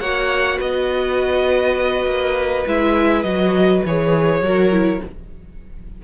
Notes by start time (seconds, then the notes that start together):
0.00 A#3 F#4 C#5 F#5
0.58 B3 B4 D#5
2.06 A#3
2.67 G#3 E4 E5
3.23 F#3 F#4 D#5
3.85 E3 G#4 C#5
4.41 F#3 F#4 A#4
4.72 E4